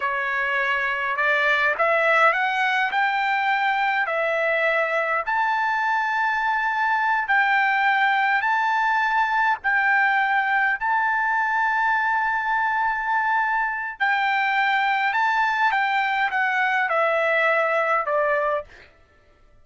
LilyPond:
\new Staff \with { instrumentName = "trumpet" } { \time 4/4 \tempo 4 = 103 cis''2 d''4 e''4 | fis''4 g''2 e''4~ | e''4 a''2.~ | a''8 g''2 a''4.~ |
a''8 g''2 a''4.~ | a''1 | g''2 a''4 g''4 | fis''4 e''2 d''4 | }